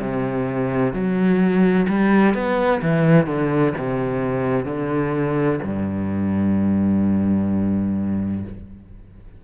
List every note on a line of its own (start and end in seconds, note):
0.00 0.93 C3
0.93 1.87 F#3
1.88 2.34 G3
2.34 2.81 B3
2.82 3.26 E3
3.26 3.73 D3
3.78 4.65 C3
4.65 5.59 D3
5.63 8.44 G2